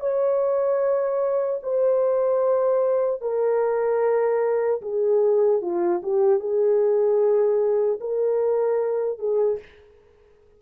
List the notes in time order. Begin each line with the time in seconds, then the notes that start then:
0.00 C#5
1.63 C5
3.21 A#4
4.81 G#4
5.61 F4
6.03 G4
6.40 G#4
8.00 A#4
9.19 G#4